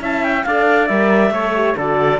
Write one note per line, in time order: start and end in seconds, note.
0.00 0.45 C#4
0.00 0.44 E4
0.00 0.46 E5
0.00 0.23 A5
0.23 0.45 G5
0.45 0.90 D4
0.45 0.90 A4
0.45 1.33 D5
0.45 0.87 F5
0.87 1.30 G3
0.87 1.32 A#4
0.87 1.74 E5
1.30 1.74 A3
1.30 1.54 A4
1.30 1.77 C#5
1.55 1.77 G4
1.77 2.20 D3
1.77 2.20 F#4
1.77 2.20 A4
1.77 2.20 D5